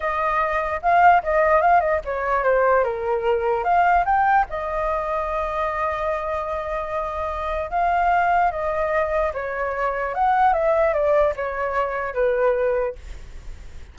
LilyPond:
\new Staff \with { instrumentName = "flute" } { \time 4/4 \tempo 4 = 148 dis''2 f''4 dis''4 | f''8 dis''8 cis''4 c''4 ais'4~ | ais'4 f''4 g''4 dis''4~ | dis''1~ |
dis''2. f''4~ | f''4 dis''2 cis''4~ | cis''4 fis''4 e''4 d''4 | cis''2 b'2 | }